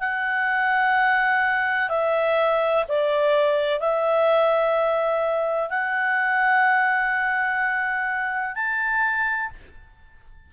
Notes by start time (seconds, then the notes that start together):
0.00 F#5
1.90 E5
2.89 D5
3.81 E5
5.70 F#5
8.55 A5